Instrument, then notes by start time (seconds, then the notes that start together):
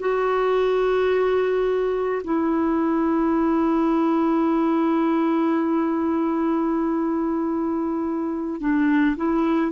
clarinet
0.00 F#4
2.24 E4
8.61 D4
9.17 E4